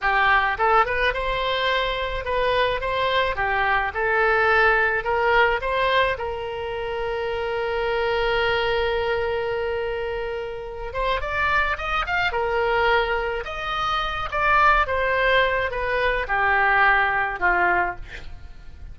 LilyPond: \new Staff \with { instrumentName = "oboe" } { \time 4/4 \tempo 4 = 107 g'4 a'8 b'8 c''2 | b'4 c''4 g'4 a'4~ | a'4 ais'4 c''4 ais'4~ | ais'1~ |
ais'2.~ ais'8 c''8 | d''4 dis''8 f''8 ais'2 | dis''4. d''4 c''4. | b'4 g'2 f'4 | }